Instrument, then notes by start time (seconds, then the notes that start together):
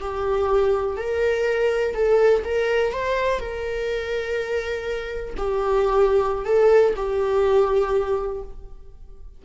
viola
0.00 G4
0.97 A#4
1.94 A4
2.44 A#4
2.93 C5
3.40 A#4
5.37 G4
6.45 A4
6.96 G4